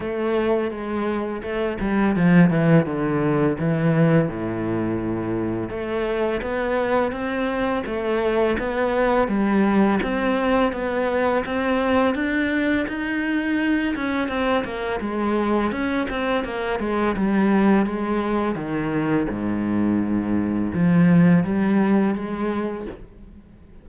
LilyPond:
\new Staff \with { instrumentName = "cello" } { \time 4/4 \tempo 4 = 84 a4 gis4 a8 g8 f8 e8 | d4 e4 a,2 | a4 b4 c'4 a4 | b4 g4 c'4 b4 |
c'4 d'4 dis'4. cis'8 | c'8 ais8 gis4 cis'8 c'8 ais8 gis8 | g4 gis4 dis4 gis,4~ | gis,4 f4 g4 gis4 | }